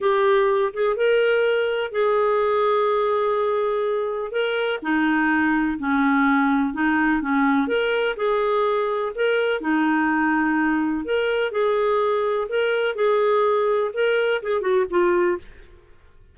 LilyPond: \new Staff \with { instrumentName = "clarinet" } { \time 4/4 \tempo 4 = 125 g'4. gis'8 ais'2 | gis'1~ | gis'4 ais'4 dis'2 | cis'2 dis'4 cis'4 |
ais'4 gis'2 ais'4 | dis'2. ais'4 | gis'2 ais'4 gis'4~ | gis'4 ais'4 gis'8 fis'8 f'4 | }